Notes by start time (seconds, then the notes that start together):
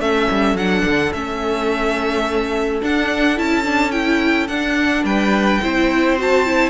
0.00 A3 C#4 A4 E5
0.31 G3
0.55 F#3 D4 F#5
0.85 D3
1.13 A3 C#4 E5
2.82 D4 F#5
3.37 C#4 E4 A5
3.64 D4
3.92 E4 G5
4.48 D4 F#5
5.05 G3 B4 G5
5.63 C4 E4 C5
6.18 F#4 A5
6.46 E4